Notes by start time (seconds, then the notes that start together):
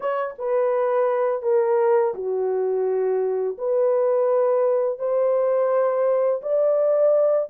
0.00 C#5
0.38 B4
1.42 A#4
2.14 F#4
3.57 B4
4.98 C5
6.42 D5